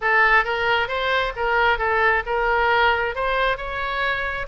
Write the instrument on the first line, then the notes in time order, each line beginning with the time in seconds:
oboe
0.01 A4
0.44 A#4
0.88 C5
1.36 A#4
1.78 A4
2.26 A#4
3.15 C5
3.57 C#5